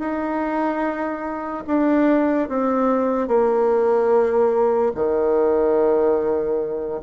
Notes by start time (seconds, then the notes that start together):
0.00 D#4
1.67 D4
2.49 C4
3.28 A#3
4.96 D#3